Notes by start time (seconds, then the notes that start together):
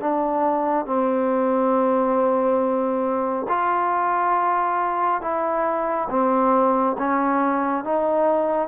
0.00 D4
0.85 C4
3.49 F4
5.21 E4
6.09 C4
6.98 C#4
7.84 D#4